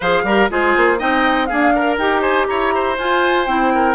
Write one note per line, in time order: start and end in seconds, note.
0.00 0.23 F3
0.00 0.27 G#4
0.00 0.22 C5
0.00 0.50 F5
0.23 0.48 G3
0.23 0.49 G4
0.23 0.50 A#4
0.49 0.75 G#3
0.49 0.98 F4
0.49 0.98 G#4
0.49 1.00 C5
0.76 1.01 A#3
0.98 1.50 C4
0.98 1.48 D#4
0.98 1.48 D#5
0.98 1.46 G5
1.46 1.75 A#3
1.46 1.97 D4
1.46 1.73 G#4
1.46 1.95 F5
1.75 2.21 A#4
1.75 2.00 A#4
1.97 2.47 D#4
1.97 2.97 G4
1.97 2.21 G5
2.21 2.46 C5
2.21 2.46 G#5
2.47 2.98 E4
2.47 2.74 C#5
2.47 2.96 A#5
2.74 3.73 C5
2.97 3.47 F4
2.97 3.46 F4
2.97 3.46 G#5
3.46 3.94 C4
3.46 3.94 E4
3.46 3.94 G5
3.74 3.94 A#4